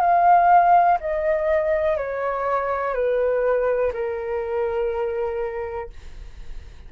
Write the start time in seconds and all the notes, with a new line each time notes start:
0.00 F5
1.00 D#5
1.97 C#5
2.94 B4
3.93 A#4